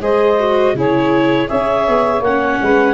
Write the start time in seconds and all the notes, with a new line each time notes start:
0.00 G#3 G#4 C5 D#5
0.39 F#4
0.74 C#3 E4 G#4 C#5
1.47 C#4 G#4 C#5 E5
1.88 B3
2.21 A#3 C#4 F#5
2.62 G#3 B4